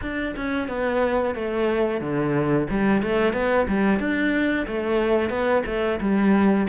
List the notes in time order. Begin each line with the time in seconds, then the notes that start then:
0.02 D4
0.35 C#4
0.68 B3
1.34 A3
2.00 D3
2.69 G3
3.02 A3
3.33 B3
3.68 G3
3.99 D4
4.67 A3
5.29 B3
5.66 A3
6.00 G3